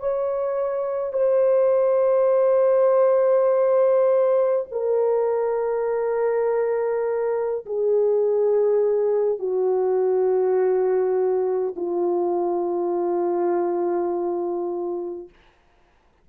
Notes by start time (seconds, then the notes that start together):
0.00 C#5
1.13 C5
4.72 A#4
7.66 G#4
9.40 F#4
11.76 F4